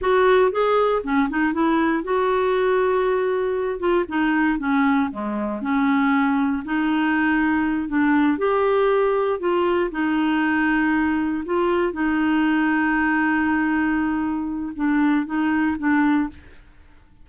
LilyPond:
\new Staff \with { instrumentName = "clarinet" } { \time 4/4 \tempo 4 = 118 fis'4 gis'4 cis'8 dis'8 e'4 | fis'2.~ fis'8 f'8 | dis'4 cis'4 gis4 cis'4~ | cis'4 dis'2~ dis'8 d'8~ |
d'8 g'2 f'4 dis'8~ | dis'2~ dis'8 f'4 dis'8~ | dis'1~ | dis'4 d'4 dis'4 d'4 | }